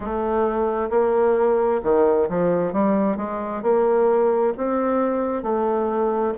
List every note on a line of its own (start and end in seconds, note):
0.00 0.89 A3
0.90 1.81 A#3
1.83 2.29 D#3
2.29 2.72 F3
2.72 3.17 G3
3.17 3.62 G#3
3.62 4.53 A#3
4.57 5.42 C4
5.42 6.33 A3